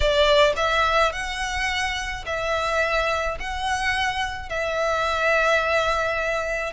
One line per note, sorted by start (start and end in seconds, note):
0.00 0.53 D5
0.56 1.12 E5
1.12 2.24 F#5
2.26 3.38 E5
3.39 4.49 F#5
4.49 6.73 E5